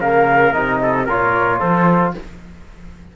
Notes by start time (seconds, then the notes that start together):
0.00 C#3 A#3 A#4 F5
0.53 C3 D#4 D#5
0.82 A4
1.05 A#2 F4 A#4 C#5
1.59 F3 A4 C5